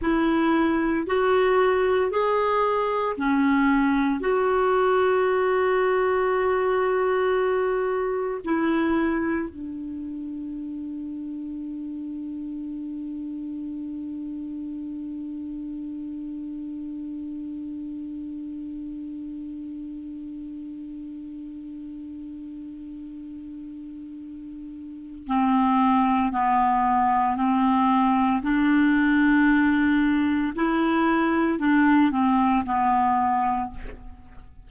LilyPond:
\new Staff \with { instrumentName = "clarinet" } { \time 4/4 \tempo 4 = 57 e'4 fis'4 gis'4 cis'4 | fis'1 | e'4 d'2.~ | d'1~ |
d'1~ | d'1 | c'4 b4 c'4 d'4~ | d'4 e'4 d'8 c'8 b4 | }